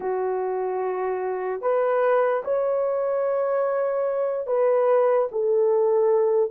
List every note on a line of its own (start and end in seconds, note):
0.00 1.61 F#4
1.61 2.42 B4
2.44 4.46 C#5
4.46 5.27 B4
5.31 6.50 A4